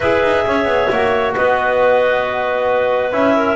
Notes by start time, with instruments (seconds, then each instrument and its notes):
0.00 double bass E4, trombone G#4, clarinet B4 E5
0.23 double bass D#4
0.46 double bass C#4, clarinet C#5
0.64 double bass B3
0.91 double bass A#3, trombone F#4
1.35 double bass B3, clarinet B4 D#5
3.12 double bass C#4, trombone E4, clarinet E5
3.36 clarinet A#4